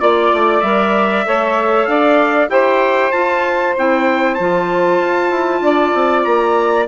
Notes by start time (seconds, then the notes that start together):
0.00 A#3 F4 D5
0.33 A3
0.61 G3 A#4 E5
1.26 A3 A4 C#5
1.86 D4 D5 F5
2.49 E4 G4 C5 G5
3.12 F4 A5
3.78 C4 E4 G5
4.35 F3 F4 A5
5.01 F4
5.31 E4
5.61 D4 D5
5.95 C4
6.24 A#3 A#5